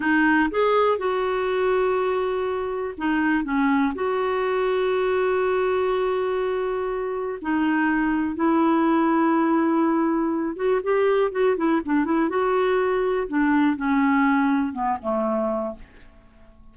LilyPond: \new Staff \with { instrumentName = "clarinet" } { \time 4/4 \tempo 4 = 122 dis'4 gis'4 fis'2~ | fis'2 dis'4 cis'4 | fis'1~ | fis'2. dis'4~ |
dis'4 e'2.~ | e'4. fis'8 g'4 fis'8 e'8 | d'8 e'8 fis'2 d'4 | cis'2 b8 a4. | }